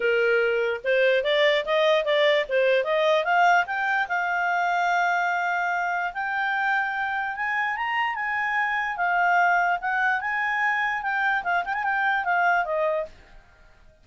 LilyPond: \new Staff \with { instrumentName = "clarinet" } { \time 4/4 \tempo 4 = 147 ais'2 c''4 d''4 | dis''4 d''4 c''4 dis''4 | f''4 g''4 f''2~ | f''2. g''4~ |
g''2 gis''4 ais''4 | gis''2 f''2 | fis''4 gis''2 g''4 | f''8 g''16 gis''16 g''4 f''4 dis''4 | }